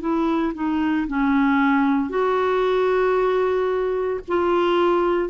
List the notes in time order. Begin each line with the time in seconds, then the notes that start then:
0.00 E4
0.54 D#4
1.08 C#4
2.09 F#4
4.27 F4